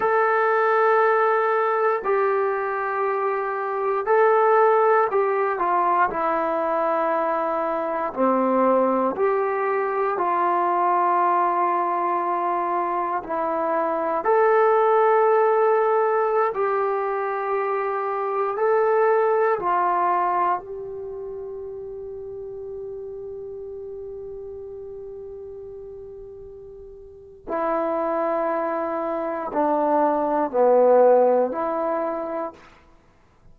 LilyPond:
\new Staff \with { instrumentName = "trombone" } { \time 4/4 \tempo 4 = 59 a'2 g'2 | a'4 g'8 f'8 e'2 | c'4 g'4 f'2~ | f'4 e'4 a'2~ |
a'16 g'2 a'4 f'8.~ | f'16 g'2.~ g'8.~ | g'2. e'4~ | e'4 d'4 b4 e'4 | }